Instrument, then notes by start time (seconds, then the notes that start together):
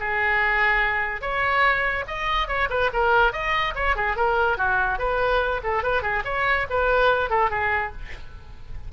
oboe
0.00 G#4
1.21 C#5
2.07 D#5
2.48 C#5
2.70 B4
2.93 A#4
3.33 D#5
3.75 C#5
3.96 G#4
4.16 A#4
4.57 F#4
4.98 B4
5.63 A4
5.83 B4
6.02 G#4
6.25 C#5
6.70 B4
7.30 A4
7.50 G#4